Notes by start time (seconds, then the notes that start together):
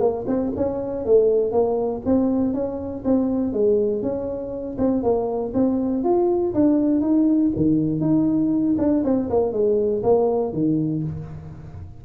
0.00 A#3
0.27 C4
0.56 C#4
1.05 A3
1.52 A#3
2.05 C4
2.54 C#4
3.05 C4
3.53 G#3
4.02 C#4
4.78 C4
5.03 A#3
5.54 C4
6.04 F4
6.54 D4
7.01 D#4
7.56 D#3
8.01 D#4
8.78 D4
9.04 C4
9.30 A#3
9.53 G#3
10.03 A#3
10.53 D#3